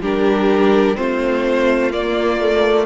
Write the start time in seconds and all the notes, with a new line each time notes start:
0.00 G3 D4 G4 A#4
0.95 A3 C4 F4 C5
1.91 A#3 D5
2.39 A3